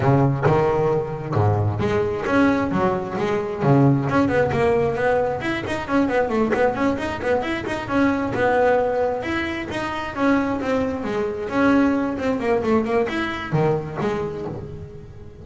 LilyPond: \new Staff \with { instrumentName = "double bass" } { \time 4/4 \tempo 4 = 133 cis4 dis2 gis,4 | gis4 cis'4 fis4 gis4 | cis4 cis'8 b8 ais4 b4 | e'8 dis'8 cis'8 b8 a8 b8 cis'8 dis'8 |
b8 e'8 dis'8 cis'4 b4.~ | b8 e'4 dis'4 cis'4 c'8~ | c'8 gis4 cis'4. c'8 ais8 | a8 ais8 e'4 dis4 gis4 | }